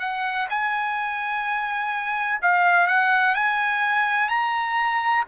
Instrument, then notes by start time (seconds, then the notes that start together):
trumpet
0.00 F#5
0.50 G#5
2.42 F5
2.87 F#5
3.35 G#5
4.29 A#5